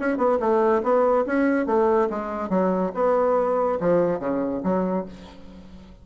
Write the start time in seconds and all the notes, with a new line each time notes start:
0.00 C#4
0.18 B3
0.40 A3
0.83 B3
1.27 C#4
1.67 A3
2.10 G#3
2.50 F#3
2.95 B3
3.81 F3
4.20 C#3
4.64 F#3